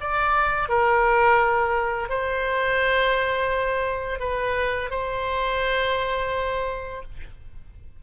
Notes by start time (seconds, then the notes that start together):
0.00 D5
0.69 A#4
2.09 C5
4.19 B4
4.90 C5